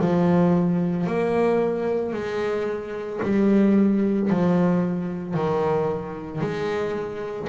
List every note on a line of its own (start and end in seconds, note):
0.00 1.07 F3
1.07 2.13 A#3
2.13 3.20 G#3
3.23 4.30 G3
4.31 5.34 F3
5.34 6.41 D#3
6.41 7.48 G#3